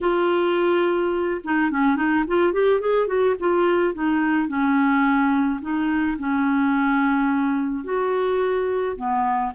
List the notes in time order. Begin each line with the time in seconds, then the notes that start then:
0.01 F4
1.44 D#4
1.70 C#4
1.96 D#4
2.27 F4
2.52 G4
2.80 G#4
3.07 F#4
3.39 F4
3.94 D#4
4.47 C#4
5.61 D#4
6.19 C#4
7.84 F#4
8.96 B3